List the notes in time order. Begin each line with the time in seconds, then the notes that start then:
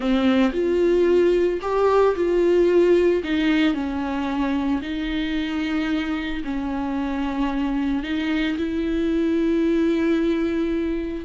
0.00 C4
0.52 F4
1.61 G4
2.15 F4
3.23 D#4
3.74 C#4
4.81 D#4
6.44 C#4
8.03 D#4
8.57 E4